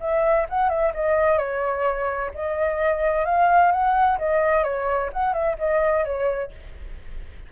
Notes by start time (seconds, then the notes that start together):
0.00 E5
0.49 F#5
0.69 E5
0.94 D#5
1.38 C#5
2.35 D#5
3.26 F5
3.72 F#5
4.19 D#5
4.64 C#5
5.13 F#5
5.33 E5
5.59 D#5
6.05 C#5